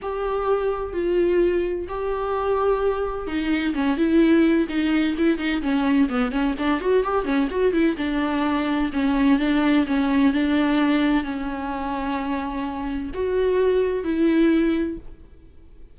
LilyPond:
\new Staff \with { instrumentName = "viola" } { \time 4/4 \tempo 4 = 128 g'2 f'2 | g'2. dis'4 | cis'8 e'4. dis'4 e'8 dis'8 | cis'4 b8 cis'8 d'8 fis'8 g'8 cis'8 |
fis'8 e'8 d'2 cis'4 | d'4 cis'4 d'2 | cis'1 | fis'2 e'2 | }